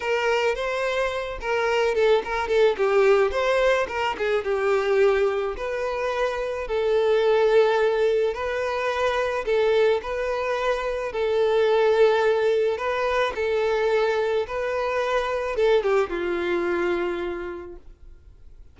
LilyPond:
\new Staff \with { instrumentName = "violin" } { \time 4/4 \tempo 4 = 108 ais'4 c''4. ais'4 a'8 | ais'8 a'8 g'4 c''4 ais'8 gis'8 | g'2 b'2 | a'2. b'4~ |
b'4 a'4 b'2 | a'2. b'4 | a'2 b'2 | a'8 g'8 f'2. | }